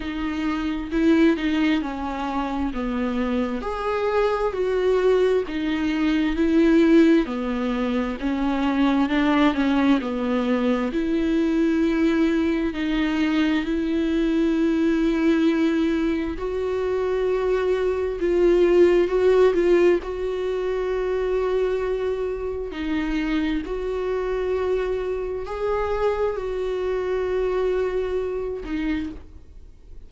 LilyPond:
\new Staff \with { instrumentName = "viola" } { \time 4/4 \tempo 4 = 66 dis'4 e'8 dis'8 cis'4 b4 | gis'4 fis'4 dis'4 e'4 | b4 cis'4 d'8 cis'8 b4 | e'2 dis'4 e'4~ |
e'2 fis'2 | f'4 fis'8 f'8 fis'2~ | fis'4 dis'4 fis'2 | gis'4 fis'2~ fis'8 dis'8 | }